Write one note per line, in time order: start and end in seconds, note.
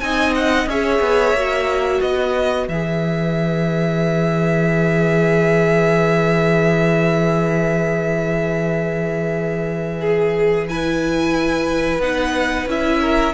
0.00 0.66 C4
0.00 0.68 D#4
0.00 0.69 D#5
0.00 0.33 G#5
0.34 0.68 F#5
0.66 1.00 C#4
0.66 1.36 G#4
0.66 2.00 C#5
0.66 2.01 E5
1.00 1.33 B3
1.33 2.00 A#3
1.33 2.70 F#4
2.00 2.67 B3
2.00 10.00 B4
2.00 2.68 D#5
2.68 11.99 E3
2.68 10.69 G#4
2.68 10.68 E5
10.01 10.67 G#4
10.68 12.01 E4
10.68 13.01 B4
10.68 12.01 G#5
11.99 12.66 B3
11.99 12.68 D#4
11.99 12.68 F#5
12.66 13.33 C#4
12.66 13.33 E4
12.66 13.33 E5
13.01 13.33 A#4